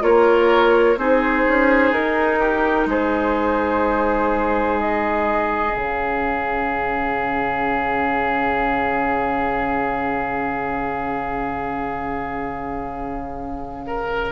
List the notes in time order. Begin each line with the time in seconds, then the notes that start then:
0.00 A#3 F4 A#4 C#5
0.96 C4 D#4 G#4 C5
1.48 C#4
1.91 D#4 A#4
2.39 G4
2.86 G#3 G#4 C5
4.79 D#5
5.69 C#3 C#4 F5
13.86 A#4